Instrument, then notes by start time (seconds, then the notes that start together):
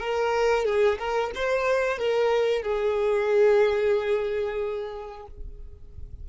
violin
0.00 A#4
0.65 G#4
0.99 A#4
1.35 C5
1.98 A#4
2.63 G#4